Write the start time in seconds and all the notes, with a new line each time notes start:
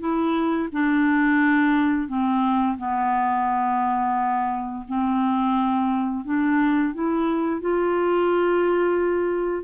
0.00 E4
0.72 D4
2.09 C4
2.78 B3
4.88 C4
6.25 D4
6.94 E4
7.61 F4